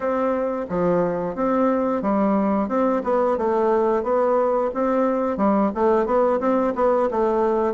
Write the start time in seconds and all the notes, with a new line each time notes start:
0.00 C4
0.69 F3
1.35 C4
2.02 G3
2.68 C4
3.03 B3
3.37 A3
4.03 B3
4.73 C4
5.37 G3
5.74 A3
6.06 B3
6.40 C4
6.75 B3
7.11 A3